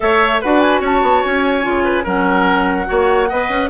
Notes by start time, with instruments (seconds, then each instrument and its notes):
0.00 bassoon A3, clarinet A4, oboe C#5, flute E5
0.41 bassoon D4, clarinet F#4, oboe B4, flute F#5
0.60 flute G#5
0.80 bassoon C#4, oboe C#5, flute A5
1.01 bassoon B3
1.23 bassoon C#4, flute G#5
1.62 bassoon C#3, clarinet F4
1.83 oboe B4
2.03 bassoon F#3, clarinet C#4, oboe A#4, flute F#5
2.85 bassoon A#3, clarinet F#4, oboe C#5
3.29 bassoon B3, clarinet B4, oboe D#5
3.49 bassoon C#4